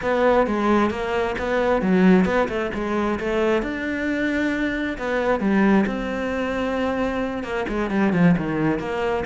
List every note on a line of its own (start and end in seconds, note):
0.02 0.47 B3
0.47 0.90 G#3
0.90 1.35 A#3
1.38 1.81 B3
1.81 2.25 F#3
2.25 2.48 B3
2.48 2.71 A3
2.74 3.19 G#3
3.19 3.62 A3
3.62 4.97 D4
4.97 5.40 B3
5.40 5.85 G3
5.86 7.43 C4
7.43 7.66 A#3
7.68 7.90 G#3
7.90 8.12 G3
8.12 8.35 F3
8.37 8.79 D#3
8.79 9.24 A#3